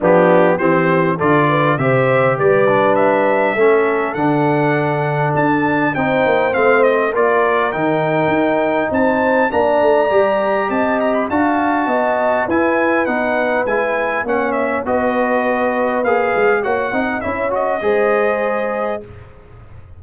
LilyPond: <<
  \new Staff \with { instrumentName = "trumpet" } { \time 4/4 \tempo 4 = 101 g'4 c''4 d''4 e''4 | d''4 e''2 fis''4~ | fis''4 a''4 g''4 f''8 dis''8 | d''4 g''2 a''4 |
ais''2 a''8 ais''16 b''16 a''4~ | a''4 gis''4 fis''4 gis''4 | fis''8 e''8 dis''2 f''4 | fis''4 e''8 dis''2~ dis''8 | }
  \new Staff \with { instrumentName = "horn" } { \time 4/4 d'4 g'4 a'8 b'8 c''4 | b'2 a'2~ | a'2 c''2 | ais'2. c''4 |
d''2 dis''4 f''4 | dis''4 b'2. | cis''4 b'2. | cis''8 dis''8 cis''4 c''2 | }
  \new Staff \with { instrumentName = "trombone" } { \time 4/4 b4 c'4 f'4 g'4~ | g'8 d'4. cis'4 d'4~ | d'2 dis'4 c'4 | f'4 dis'2. |
d'4 g'2 fis'4~ | fis'4 e'4 dis'4 e'4 | cis'4 fis'2 gis'4 | fis'8 dis'8 e'8 fis'8 gis'2 | }
  \new Staff \with { instrumentName = "tuba" } { \time 4/4 f4 e4 d4 c4 | g2 a4 d4~ | d4 d'4 c'8 ais8 a4 | ais4 dis4 dis'4 c'4 |
ais8 a8 g4 c'4 d'4 | b4 e'4 b4 gis4 | ais4 b2 ais8 gis8 | ais8 c'8 cis'4 gis2 | }
>>